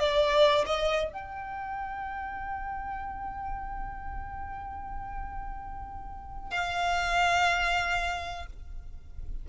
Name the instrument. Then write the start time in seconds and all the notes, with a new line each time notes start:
violin
0.00 D5
0.66 D#5
1.13 G5
6.51 F5